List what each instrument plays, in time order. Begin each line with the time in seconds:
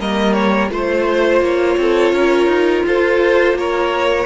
0.00 cello G3, viola A#3, violin A#4 D#5
0.33 violin C#5
0.70 cello A3, viola F4, violin C5
1.41 cello A#3, violin C#5
1.77 cello C4, violin A4
2.13 cello C#4, violin A#4
2.47 cello D#4
2.86 cello F4, violin A4 C5
3.54 cello A#3, violin A#4 C#5